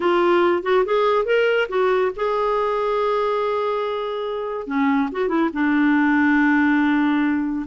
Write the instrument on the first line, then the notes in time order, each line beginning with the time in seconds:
clarinet
0.00 F4
0.63 F#4
0.85 G#4
1.25 A#4
1.68 F#4
2.16 G#4
4.66 C#4
5.12 F#4
5.28 E4
5.53 D4